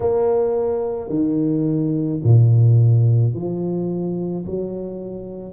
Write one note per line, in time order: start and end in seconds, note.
0.00 1.09 A#3
1.09 2.20 D#3
2.23 3.34 A#2
3.34 4.45 F3
4.45 5.53 F#3